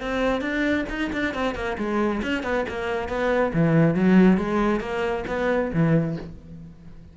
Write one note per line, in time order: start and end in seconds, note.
0.00 0.41 C4
0.41 0.85 D4
0.89 1.11 D#4
1.12 1.34 D4
1.34 1.55 C4
1.55 1.77 A#3
1.77 2.21 G#3
2.22 2.43 C#4
2.43 2.65 B3
2.68 3.08 A#3
3.08 3.52 B3
3.53 3.95 E3
3.95 4.37 F#3
4.37 4.80 G#3
4.80 5.24 A#3
5.27 5.71 B3
5.73 6.17 E3